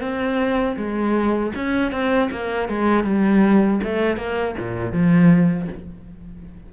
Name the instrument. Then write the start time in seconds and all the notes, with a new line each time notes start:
cello
0.00 C4
0.76 G#3
1.55 C#4
1.91 C4
2.31 A#3
2.68 G#3
3.04 G3
3.83 A3
4.17 A#3
4.58 A#2
4.92 F3